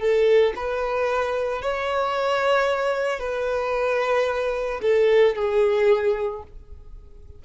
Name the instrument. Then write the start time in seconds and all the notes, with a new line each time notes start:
violin
0.00 A4
0.56 B4
1.62 C#5
3.19 B4
4.82 A4
5.35 G#4